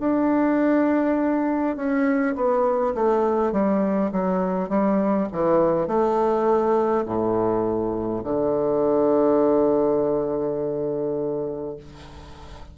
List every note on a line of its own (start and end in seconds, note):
0.00 1.76 D4
1.76 2.35 C#4
2.36 2.95 B3
2.95 3.52 A3
3.52 4.11 G3
4.12 4.70 F#3
4.70 5.28 G3
5.33 5.88 E3
5.88 7.05 A3
7.06 8.24 A2
8.24 11.77 D3